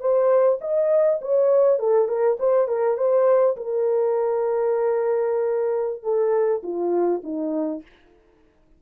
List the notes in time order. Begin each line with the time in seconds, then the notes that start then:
0.00 C5
0.61 D#5
1.21 C#5
1.79 A4
2.08 A#4
2.39 C5
2.68 A#4
2.97 C5
3.56 A#4
6.03 A4
6.63 F4
7.23 D#4